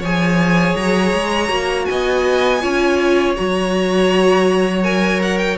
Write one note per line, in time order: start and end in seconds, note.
0.00 0.75 F3
0.00 1.49 G#4
0.00 1.85 C#5
0.00 0.76 G#5
0.76 1.14 F#3
0.76 1.85 A#5
1.14 1.50 G#3
1.49 1.87 A#3
1.49 2.60 F#4
1.85 2.63 B3
1.85 2.62 D#5
1.85 3.34 G#5
2.62 3.37 C#4
2.62 3.36 F4
2.62 5.58 C#5
3.37 5.58 F#3
3.37 4.83 F#4
3.37 4.84 A#5
4.83 5.58 A#4
4.83 5.21 G#5
5.22 5.38 F#5
5.38 5.57 G5